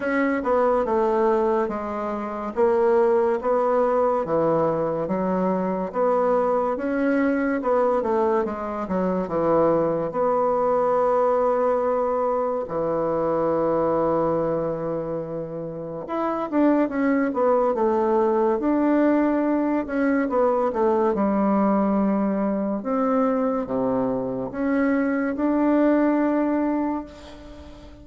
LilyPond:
\new Staff \with { instrumentName = "bassoon" } { \time 4/4 \tempo 4 = 71 cis'8 b8 a4 gis4 ais4 | b4 e4 fis4 b4 | cis'4 b8 a8 gis8 fis8 e4 | b2. e4~ |
e2. e'8 d'8 | cis'8 b8 a4 d'4. cis'8 | b8 a8 g2 c'4 | c4 cis'4 d'2 | }